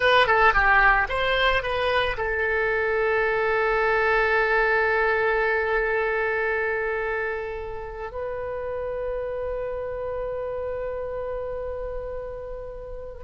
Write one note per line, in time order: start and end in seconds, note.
0.00 0.27 B4
0.27 0.53 A4
0.53 1.07 G4
1.09 1.62 C5
1.62 2.16 B4
2.17 8.11 A4
8.11 13.24 B4